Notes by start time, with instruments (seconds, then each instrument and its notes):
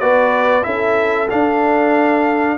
0.00 tuba B3, trombone F#4, horn B4, trumpet D5
0.63 tuba C#4, trombone E4, horn A4, trumpet E5
1.30 trombone D4, tuba D4, trumpet F5